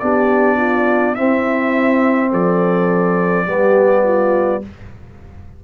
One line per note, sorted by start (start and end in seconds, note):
0.00 1.18 B3
0.00 1.17 D4
0.00 0.57 G4
0.00 1.15 D5
0.57 1.14 F4
1.15 3.47 C4
1.15 2.33 C4
1.15 2.31 E4
1.15 2.31 E5
2.32 3.48 F3
2.32 3.47 A4
2.32 4.65 D5
3.47 4.63 G3
3.47 4.62 B3
3.47 4.04 G4
4.04 4.62 F4